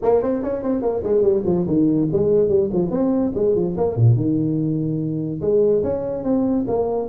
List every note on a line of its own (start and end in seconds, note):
0.02 0.22 A#3
0.22 0.42 C4
0.42 0.62 C#4
0.62 0.82 C4
0.82 1.02 A#3
1.03 1.22 G#3
1.22 1.42 G3
1.45 1.66 F3
1.66 2.08 D#3
2.12 2.48 G#3
2.48 2.69 G3
2.72 2.90 F3
2.90 3.32 C4
3.34 3.55 G#3
3.55 3.76 F3
3.77 3.96 A#3
3.96 4.16 A#2
4.16 5.41 D#3
5.41 5.82 G#3
5.83 6.23 C#4
6.23 6.65 C4
6.67 7.08 A#3